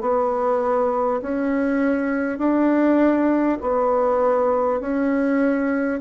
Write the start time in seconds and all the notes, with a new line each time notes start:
0.00 B3
1.22 C#4
2.38 D4
3.61 B3
4.80 C#4